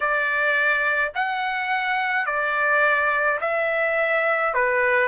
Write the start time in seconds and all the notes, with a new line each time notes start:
0.00 D5
1.14 F#5
2.26 D5
3.41 E5
4.53 B4